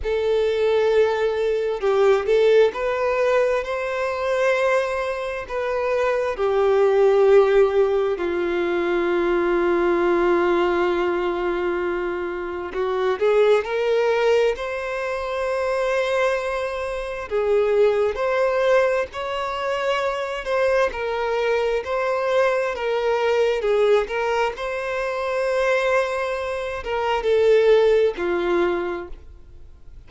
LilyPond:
\new Staff \with { instrumentName = "violin" } { \time 4/4 \tempo 4 = 66 a'2 g'8 a'8 b'4 | c''2 b'4 g'4~ | g'4 f'2.~ | f'2 fis'8 gis'8 ais'4 |
c''2. gis'4 | c''4 cis''4. c''8 ais'4 | c''4 ais'4 gis'8 ais'8 c''4~ | c''4. ais'8 a'4 f'4 | }